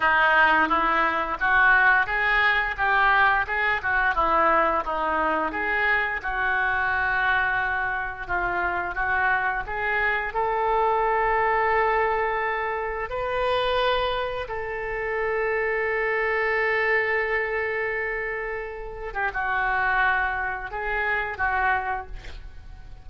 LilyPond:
\new Staff \with { instrumentName = "oboe" } { \time 4/4 \tempo 4 = 87 dis'4 e'4 fis'4 gis'4 | g'4 gis'8 fis'8 e'4 dis'4 | gis'4 fis'2. | f'4 fis'4 gis'4 a'4~ |
a'2. b'4~ | b'4 a'2.~ | a'2.~ a'8. g'16 | fis'2 gis'4 fis'4 | }